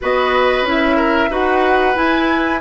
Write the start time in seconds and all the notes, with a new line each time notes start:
0.01 B3 F#4 B4 D#5
0.61 C#4 E4
0.69 E5
0.96 A#4
1.30 D#4 F#4 B4 F#5
1.94 E4 G#5